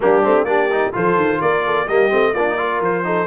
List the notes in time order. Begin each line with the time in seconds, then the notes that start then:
0.00 G3 A#3 D4 G4
0.23 A3 C4
0.44 A#3 D4 G4 D5
0.71 D#4
0.93 F3 F4 A4 C5
1.16 D#3
1.41 A#3 A#4 D5
1.65 A4
1.86 G3 A#3 G4 D#5
2.10 A3 C4
2.33 A#3 D4 F4 D5
2.49 D#4
2.58 F4 A#4
2.80 F3 C5
3.04 D#4 A4